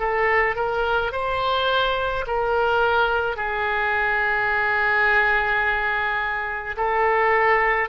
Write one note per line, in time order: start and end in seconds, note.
0.00 0.56 A4
0.56 1.13 A#4
1.13 2.26 C5
2.27 3.37 A#4
3.37 6.77 G#4
6.78 7.89 A4